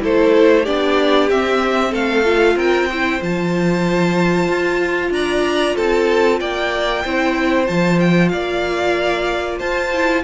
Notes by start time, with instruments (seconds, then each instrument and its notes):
0.00 cello A3, viola E4, violin A4 C5
0.63 cello B3, viola D4, violin G4 D5
1.31 cello C4, viola C4, violin E5
1.91 cello A3, violin A4 F5
2.25 viola F4
2.56 cello C4, violin A#4 G5
2.89 viola E4, violin C5
3.22 cello F3, viola F4, violin A5
4.49 cello F4
5.11 cello D4, violin D5 A#5
5.76 cello C4, violin A4 A5
6.40 cello A#3, violin D5 G5
7.05 cello C4, viola E4, violin C5
7.66 cello F3, viola F4, violin A5
8.00 violin G5
8.29 cello A#3, violin D5 F5
9.59 cello F4, violin C5 A5
9.94 viola E4